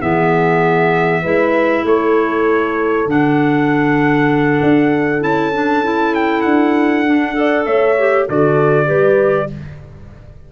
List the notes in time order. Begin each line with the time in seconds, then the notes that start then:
0.00 E3 B3 G#4 E5
1.22 G#3 E4 B4
1.84 A3 A4 C#5
3.06 D3 D4 F#5
4.62 D4
5.21 C#4 E4 A5
5.54 D4
5.84 E4
6.15 G5
6.42 D4 F#5
7.06 D4
7.34 A4 D5
7.66 A3 C#5 E5
7.99 G4
8.28 D3 F#4 A4 D5
8.86 G3 G4 B4